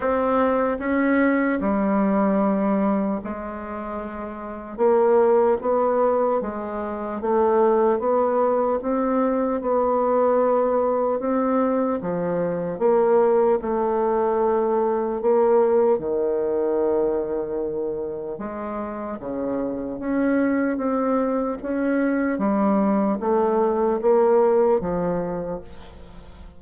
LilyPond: \new Staff \with { instrumentName = "bassoon" } { \time 4/4 \tempo 4 = 75 c'4 cis'4 g2 | gis2 ais4 b4 | gis4 a4 b4 c'4 | b2 c'4 f4 |
ais4 a2 ais4 | dis2. gis4 | cis4 cis'4 c'4 cis'4 | g4 a4 ais4 f4 | }